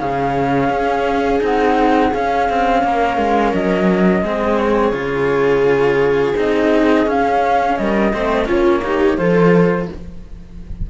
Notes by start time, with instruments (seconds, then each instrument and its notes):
0.00 cello C#3 C#4, viola G#4, flute F5
0.70 cello C#4
1.40 cello C4 D#4, flute F#5
2.14 cello C#4, flute F5
2.50 cello C4
2.84 cello A#3, viola A#4
3.18 cello G#3
3.54 cello F#3, flute D#5
4.23 cello G#3 C4, viola G#4
4.59 flute C#5
4.93 cello C#3 F4
6.36 cello C4 D#4, flute D#5
7.06 cello C#4, flute F5
7.78 cello G3, viola A#4, flute D#5
8.14 cello A3 C4, viola C5
8.46 cello A#3 C#4, viola F4, flute C#5
8.85 cello D#4, viola G4
9.17 cello F3 F4, viola A4, flute C5